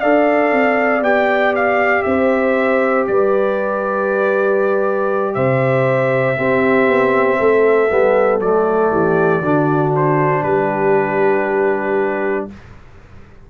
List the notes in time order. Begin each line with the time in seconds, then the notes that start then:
0.00 D4 A4 D5 F5
0.51 C4
1.01 B3 G4 G5
1.55 F5
2.02 C4 C5 E5
3.07 G3 B4 D5
5.34 C3 C5 E5
6.36 C4 G4
6.87 B3
7.39 A3 A4
7.89 G3 B3
8.39 F#3 A3 D5
8.90 E3 G4
9.40 D3 D4 F#4
9.95 C5
10.43 G3 G4 B4